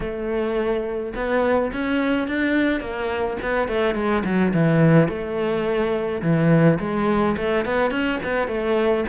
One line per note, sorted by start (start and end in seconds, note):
0.00 1.13 A3
1.15 1.71 B3
1.72 2.27 C#4
2.27 2.80 D4
2.80 3.37 A#3
3.42 3.68 B3
3.68 3.94 A3
3.94 4.23 G#3
4.24 4.53 F#3
4.53 5.08 E3
5.08 6.21 A3
6.21 6.78 E3
6.79 7.36 G#3
7.36 7.65 A3
7.65 7.91 B3
7.91 8.19 C#4
8.23 8.47 B3
8.47 9.04 A3